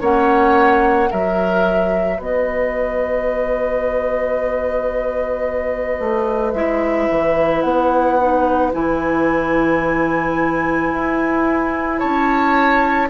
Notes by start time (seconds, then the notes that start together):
0.00 A#3 C#4 C#5 F#5
1.09 F#3 F#4 A#4 E5
2.17 B3 B4 D#5
6.00 A3
6.52 G#3 E4 E5
7.10 E3
7.62 B3 F#5
8.20 D#4
8.72 E3 E4 G#5
10.92 E4
11.99 C#4 C#5 A5